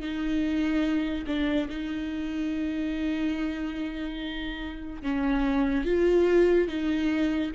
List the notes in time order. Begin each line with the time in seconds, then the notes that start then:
0.00 D#4
1.27 D4
1.69 D#4
5.02 C#4
5.85 F4
6.68 D#4